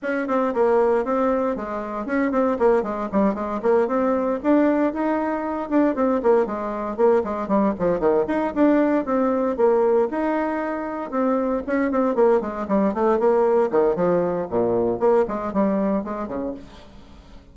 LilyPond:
\new Staff \with { instrumentName = "bassoon" } { \time 4/4 \tempo 4 = 116 cis'8 c'8 ais4 c'4 gis4 | cis'8 c'8 ais8 gis8 g8 gis8 ais8 c'8~ | c'8 d'4 dis'4. d'8 c'8 | ais8 gis4 ais8 gis8 g8 f8 dis8 |
dis'8 d'4 c'4 ais4 dis'8~ | dis'4. c'4 cis'8 c'8 ais8 | gis8 g8 a8 ais4 dis8 f4 | ais,4 ais8 gis8 g4 gis8 cis8 | }